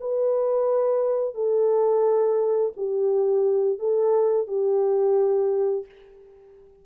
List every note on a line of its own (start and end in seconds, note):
0.00 1.35 B4
1.35 2.73 A4
2.77 3.79 G4
3.79 4.47 A4
4.47 5.85 G4